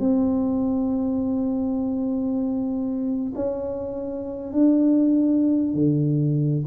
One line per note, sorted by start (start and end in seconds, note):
0.00 3.33 C4
3.36 4.53 C#4
4.53 5.74 D4
5.74 6.65 D3